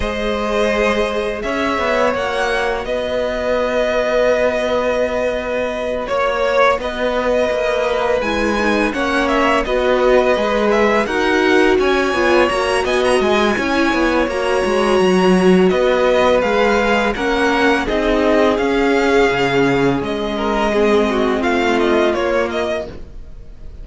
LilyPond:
<<
  \new Staff \with { instrumentName = "violin" } { \time 4/4 \tempo 4 = 84 dis''2 e''4 fis''4 | dis''1~ | dis''8 cis''4 dis''2 gis''8~ | gis''8 fis''8 e''8 dis''4. e''8 fis''8~ |
fis''8 gis''4 ais''8 gis''16 ais''16 gis''4. | ais''2 dis''4 f''4 | fis''4 dis''4 f''2 | dis''2 f''8 dis''8 cis''8 dis''8 | }
  \new Staff \with { instrumentName = "violin" } { \time 4/4 c''2 cis''2 | b'1~ | b'8 cis''4 b'2~ b'8~ | b'8 cis''4 b'2 ais'8~ |
ais'8 cis''4. dis''4 cis''4~ | cis''2 b'2 | ais'4 gis'2.~ | gis'8 ais'8 gis'8 fis'8 f'2 | }
  \new Staff \with { instrumentName = "viola" } { \time 4/4 gis'2. fis'4~ | fis'1~ | fis'2.~ fis'8 e'8 | dis'8 cis'4 fis'4 gis'4 fis'8~ |
fis'4 f'8 fis'4. e'4 | fis'2. gis'4 | cis'4 dis'4 cis'2~ | cis'4 c'2 ais4 | }
  \new Staff \with { instrumentName = "cello" } { \time 4/4 gis2 cis'8 b8 ais4 | b1~ | b8 ais4 b4 ais4 gis8~ | gis8 ais4 b4 gis4 dis'8~ |
dis'8 cis'8 b8 ais8 b8 gis8 cis'8 b8 | ais8 gis8 fis4 b4 gis4 | ais4 c'4 cis'4 cis4 | gis2 a4 ais4 | }
>>